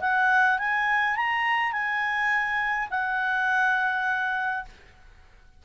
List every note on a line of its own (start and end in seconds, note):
0.00 0.58 F#5
0.58 1.16 G#5
1.16 1.72 A#5
1.72 2.89 G#5
2.90 4.65 F#5